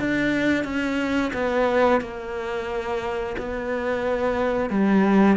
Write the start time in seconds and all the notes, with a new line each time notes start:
0.00 D4
0.64 C#4
1.34 B3
2.01 A#3
3.38 B3
4.70 G3